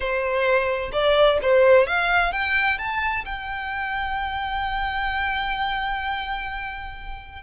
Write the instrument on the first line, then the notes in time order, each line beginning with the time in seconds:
violin
0.00 C5
0.92 D5
1.42 C5
1.86 F5
2.32 G5
2.78 A5
3.25 G5